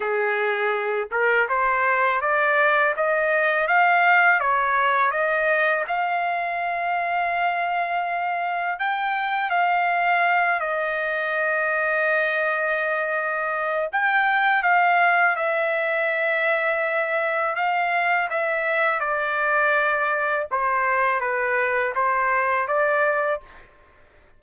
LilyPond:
\new Staff \with { instrumentName = "trumpet" } { \time 4/4 \tempo 4 = 82 gis'4. ais'8 c''4 d''4 | dis''4 f''4 cis''4 dis''4 | f''1 | g''4 f''4. dis''4.~ |
dis''2. g''4 | f''4 e''2. | f''4 e''4 d''2 | c''4 b'4 c''4 d''4 | }